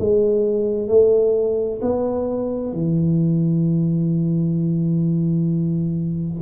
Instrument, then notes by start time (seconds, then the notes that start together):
tuba
0.00 G#3
0.89 A3
1.82 B3
2.73 E3